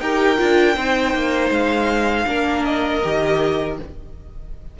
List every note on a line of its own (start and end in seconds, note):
0.00 0.38 D#4
0.00 0.37 G4
0.00 0.75 A#4
0.00 1.50 G5
0.37 0.77 D4
0.37 0.75 F4
0.75 1.14 C4
0.75 2.26 D#4
0.75 2.25 C5
1.14 1.50 A#3
1.50 2.25 G#3
1.50 2.65 F5
2.26 3.02 A#3
2.26 3.01 D4
2.26 3.78 A#4
2.65 3.77 D#5
3.03 3.79 D#3
3.03 3.78 G4